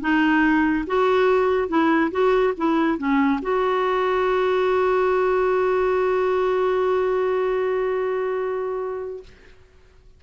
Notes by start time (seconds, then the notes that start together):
0.00 D#4
0.86 F#4
1.68 E4
2.11 F#4
2.57 E4
2.98 C#4
3.42 F#4